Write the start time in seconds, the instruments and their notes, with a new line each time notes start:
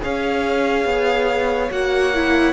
0.00 cello C#4, viola G#4, violin C#5 F5
0.85 cello B3
1.70 cello A#3, viola F#4, violin F#5
2.14 viola E4